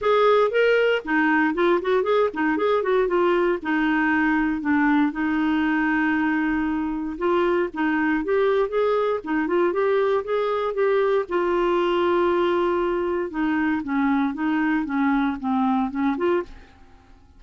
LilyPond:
\new Staff \with { instrumentName = "clarinet" } { \time 4/4 \tempo 4 = 117 gis'4 ais'4 dis'4 f'8 fis'8 | gis'8 dis'8 gis'8 fis'8 f'4 dis'4~ | dis'4 d'4 dis'2~ | dis'2 f'4 dis'4 |
g'4 gis'4 dis'8 f'8 g'4 | gis'4 g'4 f'2~ | f'2 dis'4 cis'4 | dis'4 cis'4 c'4 cis'8 f'8 | }